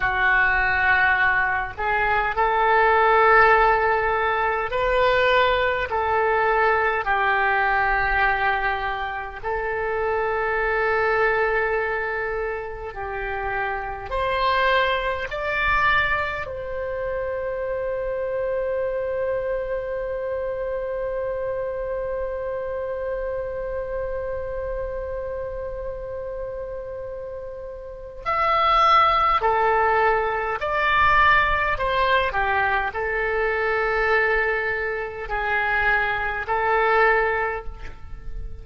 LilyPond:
\new Staff \with { instrumentName = "oboe" } { \time 4/4 \tempo 4 = 51 fis'4. gis'8 a'2 | b'4 a'4 g'2 | a'2. g'4 | c''4 d''4 c''2~ |
c''1~ | c''1 | e''4 a'4 d''4 c''8 g'8 | a'2 gis'4 a'4 | }